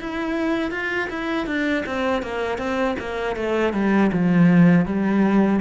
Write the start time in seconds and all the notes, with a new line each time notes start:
0.00 E4
0.71 F4
1.09 E4
1.46 D4
1.86 C4
2.22 A#3
2.58 C4
2.99 A#3
3.36 A3
3.73 G3
4.12 F3
4.85 G3